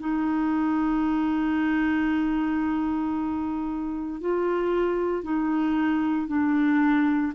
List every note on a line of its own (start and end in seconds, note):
0.00 4.21 D#4
4.21 5.24 F4
5.24 6.28 D#4
6.28 7.33 D4